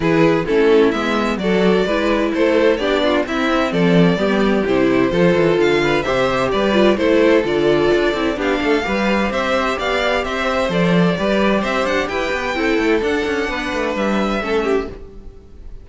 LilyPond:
<<
  \new Staff \with { instrumentName = "violin" } { \time 4/4 \tempo 4 = 129 b'4 a'4 e''4 d''4~ | d''4 c''4 d''4 e''4 | d''2 c''2 | f''4 e''4 d''4 c''4 |
d''2 f''2 | e''4 f''4 e''4 d''4~ | d''4 e''8 fis''8 g''2 | fis''2 e''2 | }
  \new Staff \with { instrumentName = "violin" } { \time 4/4 gis'4 e'2 a'4 | b'4 a'4 g'8 f'8 e'4 | a'4 g'2 a'4~ | a'8 b'8 c''4 b'4 a'4~ |
a'2 g'8 a'8 b'4 | c''4 d''4 c''2 | b'4 c''4 b'4 a'4~ | a'4 b'2 a'8 g'8 | }
  \new Staff \with { instrumentName = "viola" } { \time 4/4 e'4 cis'4 b4 fis'4 | e'2 d'4 c'4~ | c'4 b4 e'4 f'4~ | f'4 g'4. f'8 e'4 |
f'4. e'8 d'4 g'4~ | g'2. a'4 | g'2. e'4 | d'2. cis'4 | }
  \new Staff \with { instrumentName = "cello" } { \time 4/4 e4 a4 gis4 fis4 | gis4 a4 b4 c'4 | f4 g4 c4 f8 e8 | d4 c4 g4 a4 |
d4 d'8 c'8 b8 a8 g4 | c'4 b4 c'4 f4 | g4 c'8 d'8 e'8 b8 c'8 a8 | d'8 cis'8 b8 a8 g4 a4 | }
>>